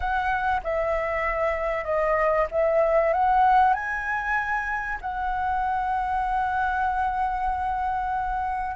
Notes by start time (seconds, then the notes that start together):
0.00 F#5
0.63 E5
1.84 D#5
2.51 E5
3.13 F#5
3.73 G#5
5.01 F#5